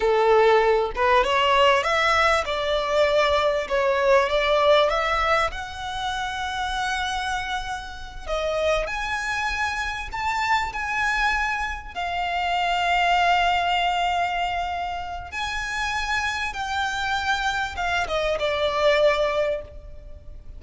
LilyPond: \new Staff \with { instrumentName = "violin" } { \time 4/4 \tempo 4 = 98 a'4. b'8 cis''4 e''4 | d''2 cis''4 d''4 | e''4 fis''2.~ | fis''4. dis''4 gis''4.~ |
gis''8 a''4 gis''2 f''8~ | f''1~ | f''4 gis''2 g''4~ | g''4 f''8 dis''8 d''2 | }